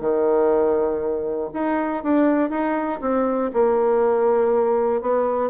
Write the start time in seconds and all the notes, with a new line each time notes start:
0.00 D#3
1.53 D#4
2.04 D4
2.50 D#4
3.01 C4
3.54 A#3
5.01 B3